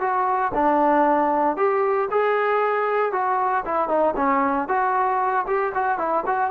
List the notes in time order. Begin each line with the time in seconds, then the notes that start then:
0.00 F#4
0.54 D4
1.57 G4
2.11 G#4
3.12 F#4
3.65 E4
3.88 D#4
4.16 C#4
4.68 F#4
5.47 G4
5.74 F#4
5.98 E4
6.26 F#4